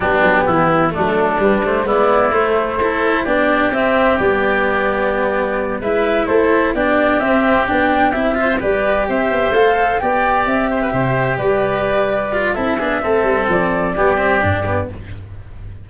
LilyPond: <<
  \new Staff \with { instrumentName = "flute" } { \time 4/4 \tempo 4 = 129 g'2 a'4 b'8 c''8 | d''4 c''2 d''4 | e''4 d''2.~ | d''8 e''4 c''4 d''4 e''8~ |
e''8 g''4 e''4 d''4 e''8~ | e''8 f''4 g''4 e''4.~ | e''8 d''2~ d''8 e''4~ | e''4 d''2. | }
  \new Staff \with { instrumentName = "oboe" } { \time 4/4 d'4 e'4 d'2 | e'2 a'4 g'4~ | g'1~ | g'8 b'4 a'4 g'4.~ |
g'2 c''8 b'4 c''8~ | c''4. d''4. c''16 b'16 c''8~ | c''8 b'2~ b'8 a'8 gis'8 | a'2 g'2 | }
  \new Staff \with { instrumentName = "cello" } { \time 4/4 b2 a4 g8 a8 | b4 a4 e'4 d'4 | c'4 b2.~ | b8 e'2 d'4 c'8~ |
c'8 d'4 e'8 f'8 g'4.~ | g'8 a'4 g'2~ g'8~ | g'2~ g'8 f'8 e'8 d'8 | c'2 b8 c'8 d'8 b8 | }
  \new Staff \with { instrumentName = "tuba" } { \time 4/4 g8 fis8 e4 fis4 g4 | gis4 a2 b4 | c'4 g2.~ | g8 gis4 a4 b4 c'8~ |
c'8 b4 c'4 g4 c'8 | b8 a4 b4 c'4 c8~ | c8 g2~ g8 c'8 b8 | a8 g8 f4 g4 g,4 | }
>>